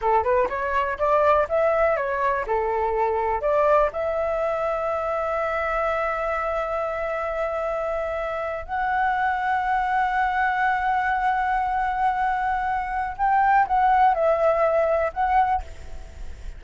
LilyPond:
\new Staff \with { instrumentName = "flute" } { \time 4/4 \tempo 4 = 123 a'8 b'8 cis''4 d''4 e''4 | cis''4 a'2 d''4 | e''1~ | e''1~ |
e''4.~ e''16 fis''2~ fis''16~ | fis''1~ | fis''2. g''4 | fis''4 e''2 fis''4 | }